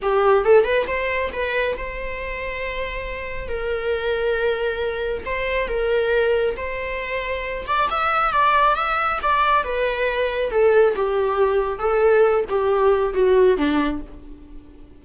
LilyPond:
\new Staff \with { instrumentName = "viola" } { \time 4/4 \tempo 4 = 137 g'4 a'8 b'8 c''4 b'4 | c''1 | ais'1 | c''4 ais'2 c''4~ |
c''4. d''8 e''4 d''4 | e''4 d''4 b'2 | a'4 g'2 a'4~ | a'8 g'4. fis'4 d'4 | }